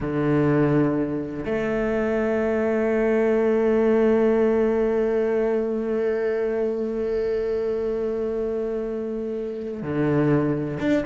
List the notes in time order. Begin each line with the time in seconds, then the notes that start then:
0.00 D3
1.45 A3
9.82 D3
10.80 D4